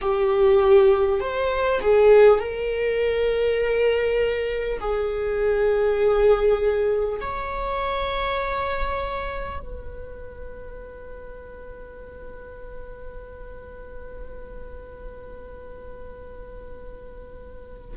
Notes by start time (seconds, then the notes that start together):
0.01 G4
1.20 C5
1.81 G#4
2.39 A#4
4.79 G#4
7.20 C#5
9.59 B4